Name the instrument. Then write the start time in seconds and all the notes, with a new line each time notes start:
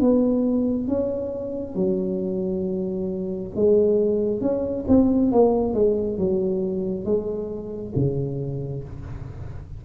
tuba
0.00 B3
0.87 C#4
1.74 F#3
3.55 G#3
4.41 C#4
4.88 C4
5.31 A#3
5.74 G#3
6.18 F#3
7.05 G#3
7.95 C#3